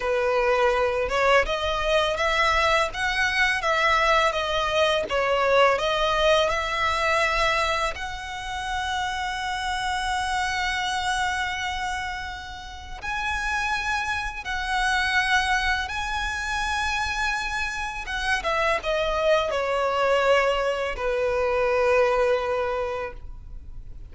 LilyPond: \new Staff \with { instrumentName = "violin" } { \time 4/4 \tempo 4 = 83 b'4. cis''8 dis''4 e''4 | fis''4 e''4 dis''4 cis''4 | dis''4 e''2 fis''4~ | fis''1~ |
fis''2 gis''2 | fis''2 gis''2~ | gis''4 fis''8 e''8 dis''4 cis''4~ | cis''4 b'2. | }